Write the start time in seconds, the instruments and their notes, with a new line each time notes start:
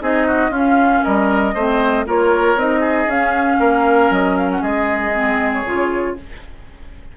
0.00 bassoon C4, clarinet D#4, oboe G#4, flute D#5
0.27 oboe F#4
0.50 bassoon C#4, clarinet C#4, oboe F4, flute F5
1.03 bassoon G3, oboe A#4, flute D#5
1.54 bassoon A3, clarinet C4, oboe C5
2.06 bassoon A#3, clarinet F4, oboe A#4, flute C#5
2.55 bassoon C4, clarinet D#4, flute D#5
2.80 oboe G#4
3.06 bassoon C#4, clarinet C#4, flute F5
3.59 bassoon A#3, oboe A#4
4.10 bassoon F#3, flute D#5
4.37 flute F5
4.51 flute F#5
4.62 bassoon G#3, oboe G#4, flute D#5
5.13 clarinet C4
5.52 flute C#5
5.65 bassoon C#3, clarinet F4